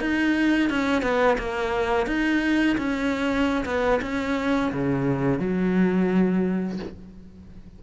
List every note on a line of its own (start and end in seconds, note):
0.00 0.69 D#4
0.69 1.02 C#4
1.02 1.37 B3
1.38 2.06 A#3
2.06 2.76 D#4
2.77 3.64 C#4
3.65 4.00 B3
4.01 4.71 C#4
4.72 5.39 C#3
5.39 6.79 F#3